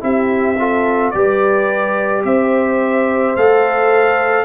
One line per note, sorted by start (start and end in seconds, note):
0.00 1.14 C4
0.00 0.56 E4
0.00 0.58 G4
0.00 1.11 E5
0.58 1.14 F4
0.58 1.14 A4
1.11 2.24 G3
1.11 3.36 G4
1.11 2.24 B4
1.11 2.22 D5
2.24 3.35 C4
2.24 4.44 C5
2.24 3.36 E5
3.35 4.44 A3
3.35 4.44 A4
3.35 4.44 F5